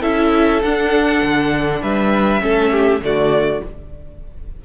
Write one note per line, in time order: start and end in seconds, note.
0.00 0.62 C#4
0.00 0.62 E4
0.00 1.80 A4
0.00 0.62 E5
0.62 1.23 D4
0.62 2.40 D4
0.62 1.82 F#5
1.23 1.82 D3
1.82 2.42 G3
1.82 2.43 B4
1.82 3.03 E5
2.40 3.01 A3
2.40 3.00 C#4
2.40 2.72 A4
2.72 3.02 G4
3.01 3.61 D3
3.01 3.62 A3
3.01 3.65 F#4
3.01 3.65 D5